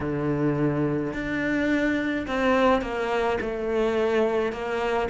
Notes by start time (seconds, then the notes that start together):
0.00 D3
1.13 D4
2.26 C4
2.81 A#3
3.40 A3
4.52 A#3